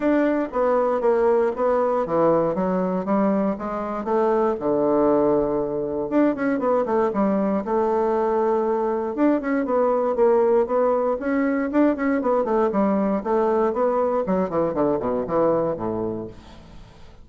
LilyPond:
\new Staff \with { instrumentName = "bassoon" } { \time 4/4 \tempo 4 = 118 d'4 b4 ais4 b4 | e4 fis4 g4 gis4 | a4 d2. | d'8 cis'8 b8 a8 g4 a4~ |
a2 d'8 cis'8 b4 | ais4 b4 cis'4 d'8 cis'8 | b8 a8 g4 a4 b4 | fis8 e8 d8 b,8 e4 a,4 | }